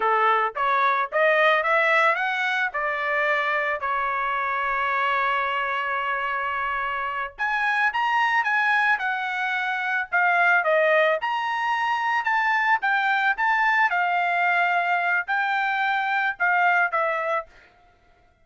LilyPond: \new Staff \with { instrumentName = "trumpet" } { \time 4/4 \tempo 4 = 110 a'4 cis''4 dis''4 e''4 | fis''4 d''2 cis''4~ | cis''1~ | cis''4. gis''4 ais''4 gis''8~ |
gis''8 fis''2 f''4 dis''8~ | dis''8 ais''2 a''4 g''8~ | g''8 a''4 f''2~ f''8 | g''2 f''4 e''4 | }